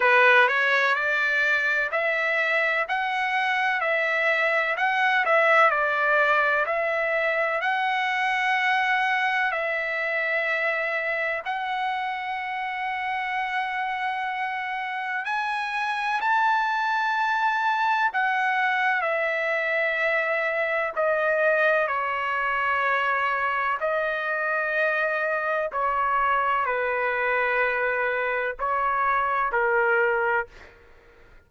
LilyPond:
\new Staff \with { instrumentName = "trumpet" } { \time 4/4 \tempo 4 = 63 b'8 cis''8 d''4 e''4 fis''4 | e''4 fis''8 e''8 d''4 e''4 | fis''2 e''2 | fis''1 |
gis''4 a''2 fis''4 | e''2 dis''4 cis''4~ | cis''4 dis''2 cis''4 | b'2 cis''4 ais'4 | }